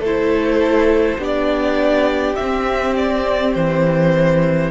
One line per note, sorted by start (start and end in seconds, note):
0.00 1.18 A3
0.00 1.19 E4
0.00 1.19 A4
0.06 1.24 C5
1.18 2.36 B3
1.18 2.37 D4
1.18 4.71 G4
1.18 2.36 D5
2.36 3.56 C4
2.36 4.71 C4
2.36 2.95 E5
2.96 3.54 D5
3.54 4.71 E3
3.54 4.71 C5